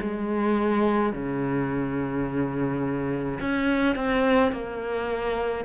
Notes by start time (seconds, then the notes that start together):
0.00 G#3
1.12 C#3
3.40 C#4
3.95 C4
4.51 A#3